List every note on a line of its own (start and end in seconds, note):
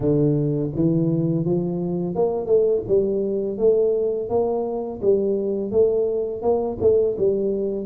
0.00 0.70 D3
0.75 1.44 E3
1.44 2.15 F3
2.15 2.45 A#3
2.45 2.81 A3
2.87 3.57 G3
3.57 4.29 A3
4.29 5.00 A#3
5.02 5.71 G3
5.71 6.42 A3
6.42 6.77 A#3
6.80 7.16 A3
7.18 7.86 G3